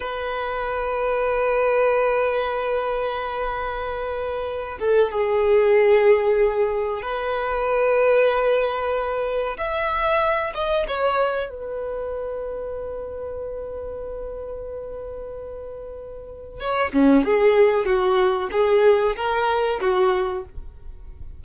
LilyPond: \new Staff \with { instrumentName = "violin" } { \time 4/4 \tempo 4 = 94 b'1~ | b'2.~ b'8 a'8 | gis'2. b'4~ | b'2. e''4~ |
e''8 dis''8 cis''4 b'2~ | b'1~ | b'2 cis''8 cis'8 gis'4 | fis'4 gis'4 ais'4 fis'4 | }